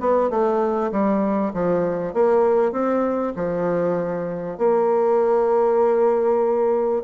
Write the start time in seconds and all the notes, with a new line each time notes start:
0.00 B3
0.30 A3
0.92 G3
1.54 F3
2.14 A#3
2.72 C4
3.36 F3
4.58 A#3